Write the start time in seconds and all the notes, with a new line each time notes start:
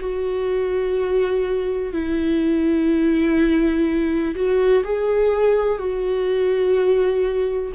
0.00 F#4
1.93 E4
4.35 F#4
4.84 G#4
5.79 F#4